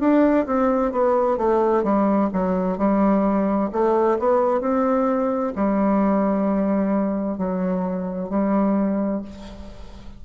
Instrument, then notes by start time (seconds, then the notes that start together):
bassoon
0.00 D4
0.47 C4
0.92 B3
1.38 A3
1.84 G3
2.33 F#3
2.78 G3
3.72 A3
4.19 B3
4.61 C4
5.56 G3
7.38 F#3
8.30 G3